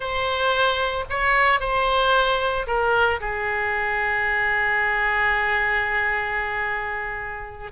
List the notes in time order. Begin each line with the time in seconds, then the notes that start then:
0.00 C5
1.09 C#5
1.60 C5
2.66 A#4
3.20 G#4